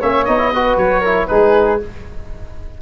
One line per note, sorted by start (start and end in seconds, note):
0.00 0.27 A#3
0.00 0.26 C#4
0.00 0.52 C#5
0.00 0.25 E5
0.25 0.77 B3
0.25 0.38 D#4
0.25 0.76 D#5
0.38 0.51 E4
0.52 1.04 F#4
0.52 1.00 B4
0.77 1.28 F#3
0.77 1.27 C#5
1.00 1.28 E4
1.00 1.26 A#4
1.27 1.81 G#3
1.27 1.80 D#4
1.27 1.81 G#4
1.27 1.78 B4